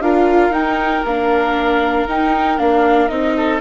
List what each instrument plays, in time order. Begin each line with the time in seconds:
0.00 bassoon D4, viola F4, oboe A#4, flute F5
0.50 bassoon D#4, viola D#4, flute G5
1.04 bassoon A#3, viola D4, flute F5
2.08 bassoon D#4, viola D#4, flute G5
2.58 bassoon A#3, viola D4, flute F5
3.08 bassoon C4, viola D#4, flute D#5
3.37 oboe A4